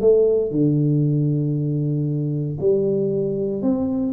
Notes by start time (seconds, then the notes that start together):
0.00 A3
0.51 D3
2.60 G3
3.62 C4